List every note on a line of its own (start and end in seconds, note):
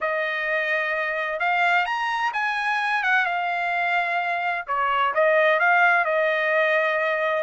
0.00 1.39 D#5
1.39 1.85 F5
1.85 2.32 A#5
2.33 3.03 G#5
3.03 3.25 F#5
3.25 4.65 F5
4.67 5.13 C#5
5.14 5.59 D#5
5.59 6.04 F5
6.04 7.43 D#5